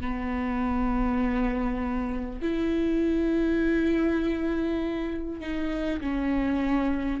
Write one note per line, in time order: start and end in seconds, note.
0.00 2.40 B3
2.41 5.40 E4
5.40 6.00 D#4
6.01 7.20 C#4